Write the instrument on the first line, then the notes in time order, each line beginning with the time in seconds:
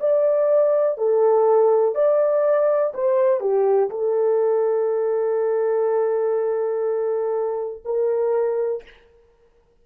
horn
0.00 D5
0.98 A4
1.95 D5
2.95 C5
3.41 G4
3.90 A4
7.86 A#4